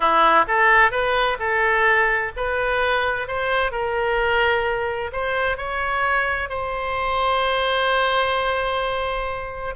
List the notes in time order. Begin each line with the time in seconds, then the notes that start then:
0.00 E4
0.47 A4
0.91 B4
1.39 A4
2.36 B4
3.27 C5
3.71 A#4
5.12 C5
5.57 C#5
6.49 C5